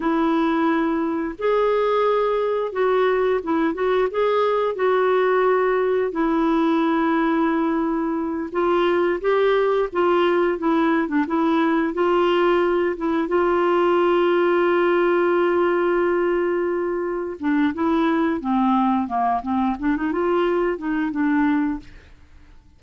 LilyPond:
\new Staff \with { instrumentName = "clarinet" } { \time 4/4 \tempo 4 = 88 e'2 gis'2 | fis'4 e'8 fis'8 gis'4 fis'4~ | fis'4 e'2.~ | e'8 f'4 g'4 f'4 e'8~ |
e'16 d'16 e'4 f'4. e'8 f'8~ | f'1~ | f'4. d'8 e'4 c'4 | ais8 c'8 d'16 dis'16 f'4 dis'8 d'4 | }